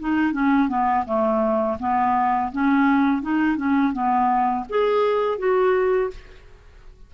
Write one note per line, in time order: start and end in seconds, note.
0.00 0.33 D#4
0.33 0.69 C#4
0.69 1.05 B3
1.06 1.78 A3
1.80 2.52 B3
2.52 3.23 C#4
3.23 3.57 D#4
3.57 3.93 C#4
3.93 4.66 B3
4.70 5.39 G#4
5.39 6.11 F#4